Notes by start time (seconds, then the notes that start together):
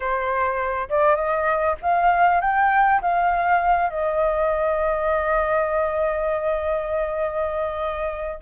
0.00 C5
0.89 D5
1.15 D#5
1.82 F5
2.41 G5
3.01 F5
3.90 D#5